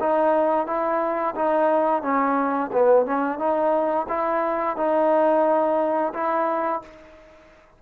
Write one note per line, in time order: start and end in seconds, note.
0.00 0.67 D#4
0.67 1.35 E4
1.36 2.03 D#4
2.03 2.71 C#4
2.73 3.06 B3
3.06 3.39 C#4
3.39 4.07 D#4
4.09 4.77 E4
4.77 6.13 D#4
6.14 6.82 E4